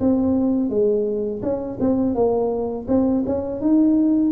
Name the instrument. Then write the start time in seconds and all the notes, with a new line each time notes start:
tuba
0.00 C4
0.70 G#3
1.42 C#4
1.80 C4
2.15 A#3
2.88 C4
3.26 C#4
3.61 D#4